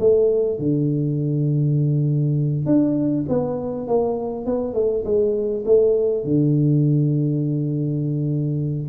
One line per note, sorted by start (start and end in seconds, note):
0.00 0.59 A3
0.59 2.66 D3
2.66 3.25 D4
3.29 3.87 B3
3.87 4.46 A#3
4.46 4.74 B3
4.74 5.04 A3
5.05 5.64 G#3
5.65 6.25 A3
6.25 8.89 D3